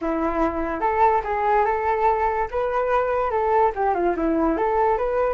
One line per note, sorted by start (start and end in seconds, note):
0.01 0.80 E4
0.80 1.21 A4
1.24 1.65 G#4
1.65 2.48 A4
2.51 3.30 B4
3.30 3.72 A4
3.75 3.94 G4
3.94 4.15 F4
4.16 4.57 E4
4.57 4.97 A4
4.97 5.33 B4